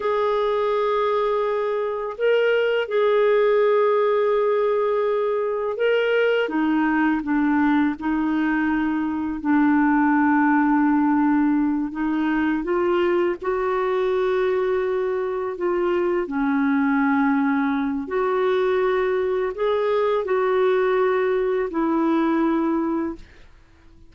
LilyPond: \new Staff \with { instrumentName = "clarinet" } { \time 4/4 \tempo 4 = 83 gis'2. ais'4 | gis'1 | ais'4 dis'4 d'4 dis'4~ | dis'4 d'2.~ |
d'8 dis'4 f'4 fis'4.~ | fis'4. f'4 cis'4.~ | cis'4 fis'2 gis'4 | fis'2 e'2 | }